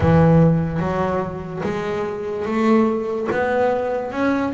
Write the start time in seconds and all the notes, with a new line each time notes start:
0.00 E3
0.79 F#3
1.63 G#3
2.45 A3
3.31 B3
4.11 C#4